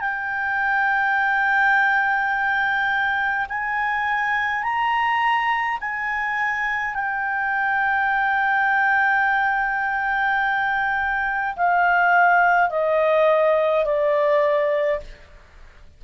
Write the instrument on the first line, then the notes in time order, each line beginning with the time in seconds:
clarinet
0.00 G5
3.49 G#5
4.63 A#5
5.81 G#5
6.94 G5
11.56 F5
12.70 D#5
13.85 D5